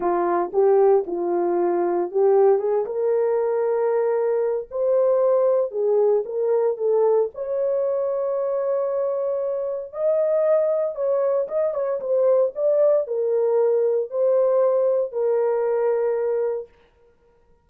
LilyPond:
\new Staff \with { instrumentName = "horn" } { \time 4/4 \tempo 4 = 115 f'4 g'4 f'2 | g'4 gis'8 ais'2~ ais'8~ | ais'4 c''2 gis'4 | ais'4 a'4 cis''2~ |
cis''2. dis''4~ | dis''4 cis''4 dis''8 cis''8 c''4 | d''4 ais'2 c''4~ | c''4 ais'2. | }